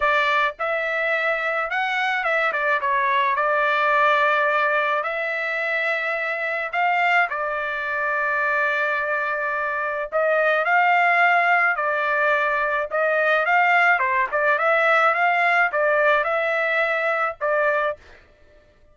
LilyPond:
\new Staff \with { instrumentName = "trumpet" } { \time 4/4 \tempo 4 = 107 d''4 e''2 fis''4 | e''8 d''8 cis''4 d''2~ | d''4 e''2. | f''4 d''2.~ |
d''2 dis''4 f''4~ | f''4 d''2 dis''4 | f''4 c''8 d''8 e''4 f''4 | d''4 e''2 d''4 | }